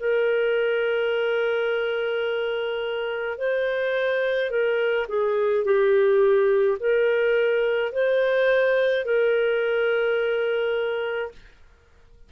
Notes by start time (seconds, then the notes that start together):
0.00 A#4
3.38 C5
4.51 A#4
5.08 G#4
5.65 G4
6.80 A#4
7.92 C5
9.06 A#4